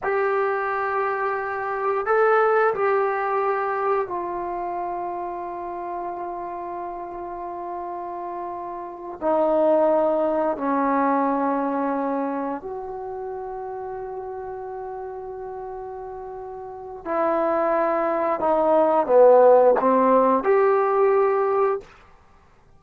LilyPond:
\new Staff \with { instrumentName = "trombone" } { \time 4/4 \tempo 4 = 88 g'2. a'4 | g'2 f'2~ | f'1~ | f'4. dis'2 cis'8~ |
cis'2~ cis'8 fis'4.~ | fis'1~ | fis'4 e'2 dis'4 | b4 c'4 g'2 | }